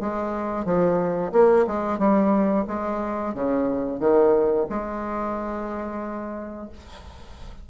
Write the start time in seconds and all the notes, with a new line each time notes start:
0.00 G#3
0.65 F3
1.32 A#3
1.67 G#3
1.98 G3
2.67 G#3
3.34 C#3
4.00 D#3
4.69 G#3